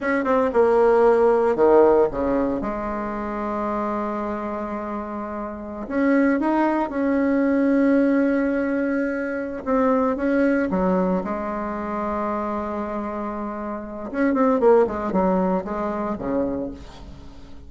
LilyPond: \new Staff \with { instrumentName = "bassoon" } { \time 4/4 \tempo 4 = 115 cis'8 c'8 ais2 dis4 | cis4 gis2.~ | gis2.~ gis16 cis'8.~ | cis'16 dis'4 cis'2~ cis'8.~ |
cis'2~ cis'8 c'4 cis'8~ | cis'8 fis4 gis2~ gis8~ | gis2. cis'8 c'8 | ais8 gis8 fis4 gis4 cis4 | }